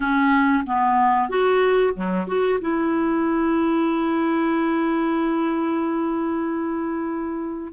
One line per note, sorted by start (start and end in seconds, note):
0.00 0.63 C#4
0.66 1.29 B3
1.29 1.93 F#4
1.94 2.26 F#3
2.27 2.59 F#4
2.60 7.72 E4